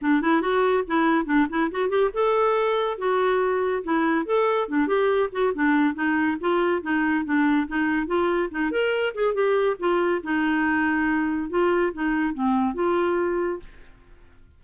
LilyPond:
\new Staff \with { instrumentName = "clarinet" } { \time 4/4 \tempo 4 = 141 d'8 e'8 fis'4 e'4 d'8 e'8 | fis'8 g'8 a'2 fis'4~ | fis'4 e'4 a'4 d'8 g'8~ | g'8 fis'8 d'4 dis'4 f'4 |
dis'4 d'4 dis'4 f'4 | dis'8 ais'4 gis'8 g'4 f'4 | dis'2. f'4 | dis'4 c'4 f'2 | }